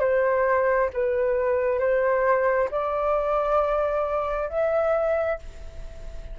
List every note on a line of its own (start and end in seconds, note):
0.00 0.90 C5
0.93 1.79 B4
1.79 2.69 C5
2.71 4.49 D5
4.49 5.38 E5